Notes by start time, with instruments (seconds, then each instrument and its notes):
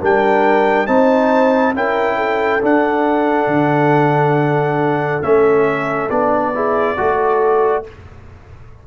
0.00 tuba G3, trombone D4, horn A#4, trumpet G5
0.86 tuba C4, trombone D#4, horn C5, trumpet A5
1.74 tuba C#4, trombone E4, horn A#4, trumpet G5
2.16 horn A4
2.62 trombone D4, tuba D4, trumpet F#5
3.47 tuba D3
5.22 tuba A3, trombone C#4, trumpet E5
6.09 tuba B3, trombone D4, trumpet D5
6.54 trombone E4, horn G#4
6.97 tuba A3, trombone F#4, horn A4